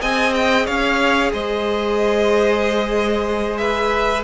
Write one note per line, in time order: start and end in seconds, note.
0.00 0.67 C4
0.00 4.24 G#4
0.00 0.66 D#5
0.00 0.34 G#5
0.34 0.66 G5
0.66 1.33 C#4
0.66 1.31 C#5
0.66 1.32 F5
1.32 4.24 G#3
1.32 3.60 C5
1.32 3.58 D#5
3.58 4.24 B4
3.58 4.23 E5